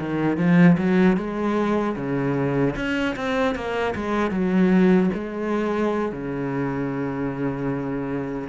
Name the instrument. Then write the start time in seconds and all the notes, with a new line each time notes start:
cello
0.00 D#3
0.38 F3
0.78 F#3
1.17 G#3
1.97 C#3
2.76 C#4
3.17 C4
3.56 A#3
3.96 G#3
4.31 F#3
5.15 G#3
6.12 C#3